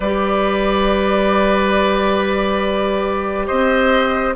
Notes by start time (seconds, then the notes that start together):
0.00 G3 G4 B4 D5
3.46 C4 C5 D#5